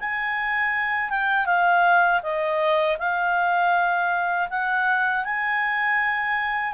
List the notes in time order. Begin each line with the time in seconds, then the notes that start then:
0.00 G#5
1.10 G5
1.46 F5
2.23 D#5
2.99 F5
4.50 F#5
5.25 G#5